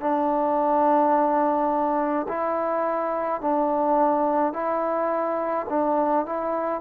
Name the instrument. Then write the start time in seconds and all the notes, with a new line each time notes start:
trombone
0.00 D4
2.28 E4
3.41 D4
4.53 E4
5.70 D4
6.26 E4